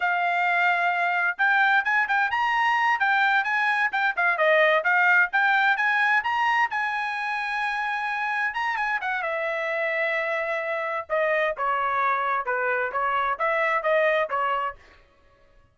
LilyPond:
\new Staff \with { instrumentName = "trumpet" } { \time 4/4 \tempo 4 = 130 f''2. g''4 | gis''8 g''8 ais''4. g''4 gis''8~ | gis''8 g''8 f''8 dis''4 f''4 g''8~ | g''8 gis''4 ais''4 gis''4.~ |
gis''2~ gis''8 ais''8 gis''8 fis''8 | e''1 | dis''4 cis''2 b'4 | cis''4 e''4 dis''4 cis''4 | }